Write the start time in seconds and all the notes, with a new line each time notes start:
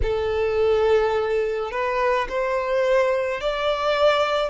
0.02 A4
1.71 B4
2.28 C5
3.40 D5